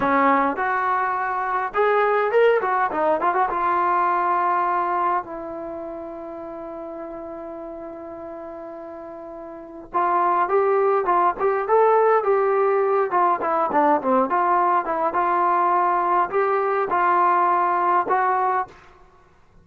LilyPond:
\new Staff \with { instrumentName = "trombone" } { \time 4/4 \tempo 4 = 103 cis'4 fis'2 gis'4 | ais'8 fis'8 dis'8 f'16 fis'16 f'2~ | f'4 e'2.~ | e'1~ |
e'4 f'4 g'4 f'8 g'8 | a'4 g'4. f'8 e'8 d'8 | c'8 f'4 e'8 f'2 | g'4 f'2 fis'4 | }